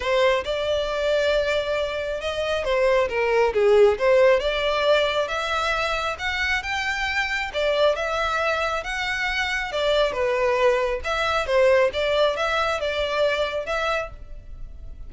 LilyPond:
\new Staff \with { instrumentName = "violin" } { \time 4/4 \tempo 4 = 136 c''4 d''2.~ | d''4 dis''4 c''4 ais'4 | gis'4 c''4 d''2 | e''2 fis''4 g''4~ |
g''4 d''4 e''2 | fis''2 d''4 b'4~ | b'4 e''4 c''4 d''4 | e''4 d''2 e''4 | }